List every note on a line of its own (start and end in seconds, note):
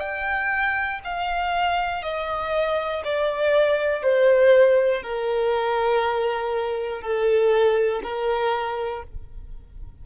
0.00 1.00 G5
1.05 2.03 F5
2.03 3.03 D#5
3.04 4.03 D5
4.03 5.03 C5
5.03 7.01 A#4
7.01 8.01 A4
8.03 9.03 A#4